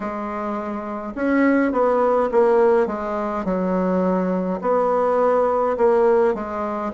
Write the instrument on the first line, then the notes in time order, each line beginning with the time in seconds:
bassoon
0.00 G#3
1.15 C#4
1.72 B3
2.31 A#3
2.86 G#3
3.44 F#3
4.61 B3
5.77 A#3
6.34 G#3